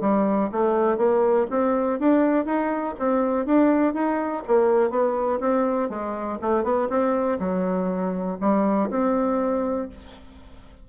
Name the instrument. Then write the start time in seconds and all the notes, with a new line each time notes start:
bassoon
0.00 G3
0.51 A3
0.97 A#3
1.50 C4
1.99 D4
2.45 D#4
2.99 C4
3.45 D4
3.93 D#4
4.47 A#3
4.90 B3
5.40 C4
5.89 G#3
6.41 A3
6.63 B3
6.89 C4
7.39 F#3
8.40 G3
8.90 C4